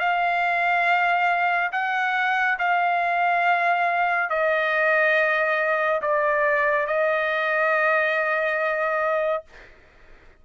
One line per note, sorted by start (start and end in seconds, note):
0.00 1.71 F5
1.73 2.58 F#5
2.59 4.30 F5
4.30 6.02 D#5
6.02 6.87 D5
6.87 9.44 D#5